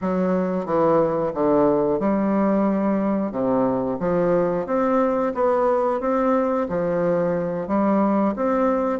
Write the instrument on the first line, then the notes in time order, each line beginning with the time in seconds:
bassoon
0.01 F#3
0.65 E3
1.33 D3
1.99 G3
3.31 C3
3.99 F3
4.66 C4
5.34 B3
6.00 C4
6.68 F3
7.67 G3
8.36 C4